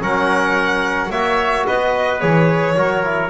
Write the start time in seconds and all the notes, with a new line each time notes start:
0.00 F#3 C#4 A#4 F#5
1.10 A#3 F#4 C#5 E5
1.67 B3 B4 D#5
2.20 E3 G#4 C#5
2.76 F#3 F#4 A#4
3.04 E4